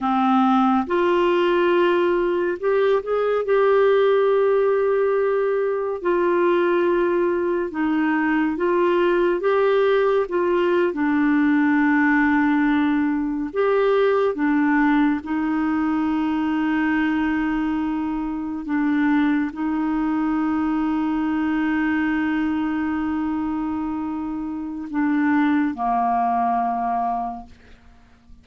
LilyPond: \new Staff \with { instrumentName = "clarinet" } { \time 4/4 \tempo 4 = 70 c'4 f'2 g'8 gis'8 | g'2. f'4~ | f'4 dis'4 f'4 g'4 | f'8. d'2. g'16~ |
g'8. d'4 dis'2~ dis'16~ | dis'4.~ dis'16 d'4 dis'4~ dis'16~ | dis'1~ | dis'4 d'4 ais2 | }